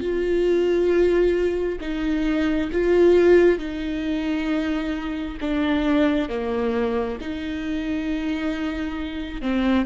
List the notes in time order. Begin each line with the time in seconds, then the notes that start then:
0.00 F4
1.81 D#4
2.72 F4
3.59 D#4
5.41 D4
6.29 A#3
7.20 D#4
9.42 C4